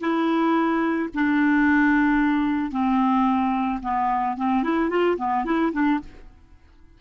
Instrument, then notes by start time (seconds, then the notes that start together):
clarinet
0.00 E4
1.14 D4
2.71 C4
3.82 B3
4.37 C4
4.63 E4
4.89 F4
5.17 B3
5.45 E4
5.72 D4